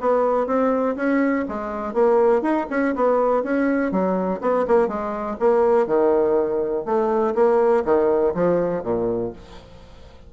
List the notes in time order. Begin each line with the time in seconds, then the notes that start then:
0.00 B3
0.46 C4
0.96 C#4
1.48 G#3
1.93 A#3
2.42 D#4
2.70 C#4
2.95 B3
3.43 C#4
3.91 F#3
4.41 B3
4.67 A#3
4.88 G#3
5.39 A#3
5.86 D#3
6.85 A3
7.35 A#3
7.85 D#3
8.34 F3
8.83 A#2